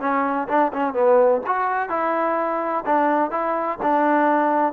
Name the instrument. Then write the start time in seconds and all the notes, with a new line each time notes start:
trombone
0.00 C#4
0.48 D4
0.73 C#4
0.94 B3
1.47 F#4
1.89 E4
2.86 D4
3.31 E4
3.83 D4